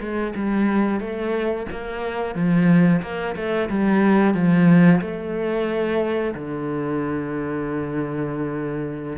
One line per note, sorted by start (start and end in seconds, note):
0.00 0.33 G#3
0.35 1.00 G3
1.00 1.66 A3
1.71 2.35 A#3
2.35 3.02 F3
3.02 3.35 A#3
3.35 3.69 A3
3.69 4.34 G3
4.34 5.01 F3
5.01 6.34 A3
6.34 9.18 D3